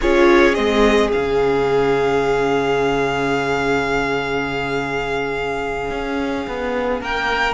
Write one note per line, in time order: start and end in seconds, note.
0.01 0.57 C#4
0.01 0.55 F4
0.01 7.00 G#4
0.01 0.54 C#5
0.54 1.13 G#3
0.54 1.11 C4
0.54 1.10 D#5
1.11 5.90 C#3
1.11 7.53 C#4
1.11 7.00 F5
5.90 6.46 C#4
6.47 7.00 B3
7.00 7.53 A#3
7.00 7.53 A#4
7.00 7.53 G5